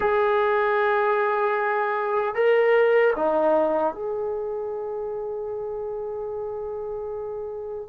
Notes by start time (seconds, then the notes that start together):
0.00 G#4
2.34 A#4
3.15 D#4
3.94 G#4